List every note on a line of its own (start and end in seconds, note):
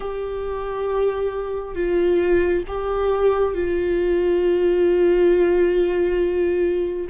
0.00 1.75 G4
1.75 2.63 F4
2.67 3.54 G4
3.54 7.07 F4